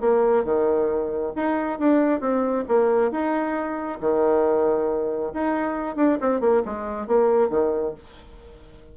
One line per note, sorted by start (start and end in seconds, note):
0.00 0.44 A#3
0.44 1.32 D#3
1.35 1.79 D#4
1.79 2.20 D4
2.20 2.64 C4
2.68 3.11 A#3
3.11 3.99 D#4
4.00 5.32 D#3
5.33 5.96 D#4
5.96 6.18 D4
6.20 6.40 C4
6.40 6.62 A#3
6.65 7.06 G#3
7.06 7.49 A#3
7.49 7.94 D#3